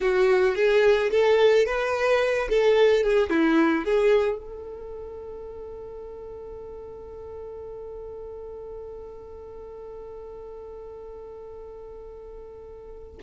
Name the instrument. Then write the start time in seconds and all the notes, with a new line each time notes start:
violin
0.01 F#4
0.55 G#4
1.10 A4
1.65 B4
2.49 A4
3.03 G#4
3.30 E4
3.84 G#4
4.38 A4